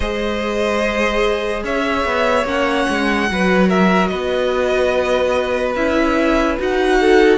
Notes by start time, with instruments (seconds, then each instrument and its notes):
0.00 cello G#3, viola G#4, violin C5 D#5
1.63 cello C#4, violin C#5 E5
2.05 cello B3
2.44 cello A#3, viola C#4, violin F#5
2.89 cello G#3
3.29 cello F#3, viola F#4, violin B4
3.68 violin A#4 E5
4.07 cello B3, violin B4 D#5
5.75 cello C#4, viola E4, violin E5
6.58 cello D#4, viola F#4, violin F#5
7.00 violin A4